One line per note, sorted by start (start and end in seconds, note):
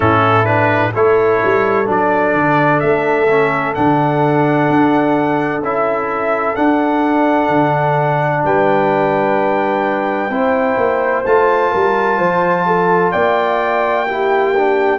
0.00 0.93 A2
0.00 0.45 C#4
0.00 0.94 E4
0.00 0.45 A4
0.45 0.91 D4
0.45 0.92 B4
0.94 1.41 A3
0.94 1.85 E4
0.94 8.45 A4
0.94 1.88 C#5
1.44 1.88 G3
1.85 2.34 F#3
1.85 3.26 D4
1.85 2.80 D5
2.34 2.81 D3
2.80 3.76 A3
2.80 3.73 E5
3.30 3.75 C#4
3.74 4.69 D3
3.74 5.62 D4
3.74 5.62 F#5
4.69 5.62 D4
5.62 6.56 C#4
5.62 6.55 E4
5.62 6.55 E5
6.55 10.30 D4
6.55 7.48 D4
6.55 8.43 F#5
7.48 8.42 D3
8.44 10.29 G3
8.44 10.31 B4
8.44 11.25 G5
10.29 10.76 C4
10.29 11.24 E4
10.29 11.71 C5
10.77 11.23 A#3
11.25 11.72 A3
11.25 14.07 F4
11.25 13.11 A5
11.71 12.18 G3
11.71 12.18 A#4
12.18 13.12 F3
12.18 12.64 C5
12.66 13.12 A4
13.11 14.98 A#3
13.11 14.05 D5
13.11 14.98 G5
14.06 14.54 E4
14.06 14.98 G4
14.56 14.98 D4